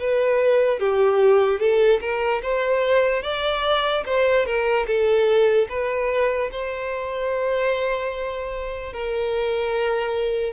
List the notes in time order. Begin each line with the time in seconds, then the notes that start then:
0.00 B4
0.80 G4
1.60 A4
2.01 A#4
2.42 C5
3.22 D5
4.06 C5
4.46 A#4
4.87 A4
5.69 B4
6.51 C5
8.93 A#4